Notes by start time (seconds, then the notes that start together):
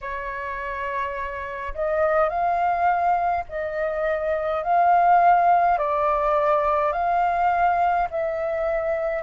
0.01 C#5
1.74 D#5
2.29 F5
3.48 D#5
4.63 F5
5.77 D5
6.92 F5
8.10 E5